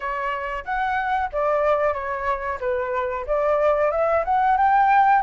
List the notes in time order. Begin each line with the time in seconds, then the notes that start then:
0.00 C#5
0.64 F#5
1.32 D5
1.93 C#5
2.60 B4
3.26 D5
3.91 E5
4.25 F#5
4.57 G5